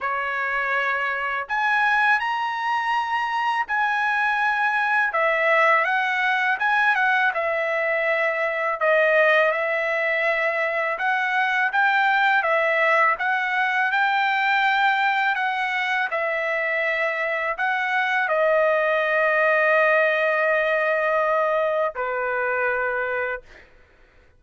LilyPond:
\new Staff \with { instrumentName = "trumpet" } { \time 4/4 \tempo 4 = 82 cis''2 gis''4 ais''4~ | ais''4 gis''2 e''4 | fis''4 gis''8 fis''8 e''2 | dis''4 e''2 fis''4 |
g''4 e''4 fis''4 g''4~ | g''4 fis''4 e''2 | fis''4 dis''2.~ | dis''2 b'2 | }